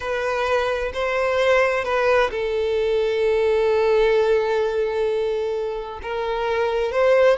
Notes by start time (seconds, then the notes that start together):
0.00 B4
0.93 C5
1.84 B4
2.31 A4
6.02 A#4
6.91 C5